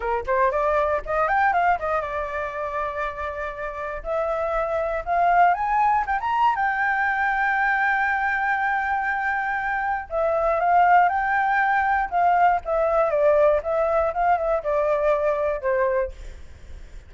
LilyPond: \new Staff \with { instrumentName = "flute" } { \time 4/4 \tempo 4 = 119 ais'8 c''8 d''4 dis''8 g''8 f''8 dis''8 | d''1 | e''2 f''4 gis''4 | g''16 ais''8. g''2.~ |
g''1 | e''4 f''4 g''2 | f''4 e''4 d''4 e''4 | f''8 e''8 d''2 c''4 | }